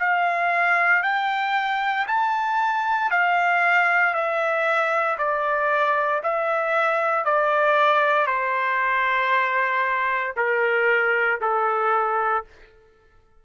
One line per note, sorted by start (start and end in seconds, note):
0.00 1.03 F5
1.03 2.07 G5
2.08 3.11 A5
3.11 4.14 F5
4.14 5.18 E5
5.19 6.22 D5
6.24 7.26 E5
7.26 8.27 D5
8.27 10.34 C5
10.37 11.40 A#4
11.42 12.45 A4